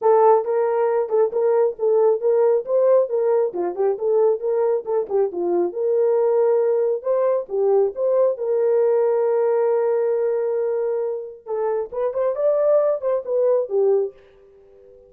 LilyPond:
\new Staff \with { instrumentName = "horn" } { \time 4/4 \tempo 4 = 136 a'4 ais'4. a'8 ais'4 | a'4 ais'4 c''4 ais'4 | f'8 g'8 a'4 ais'4 a'8 g'8 | f'4 ais'2. |
c''4 g'4 c''4 ais'4~ | ais'1~ | ais'2 a'4 b'8 c''8 | d''4. c''8 b'4 g'4 | }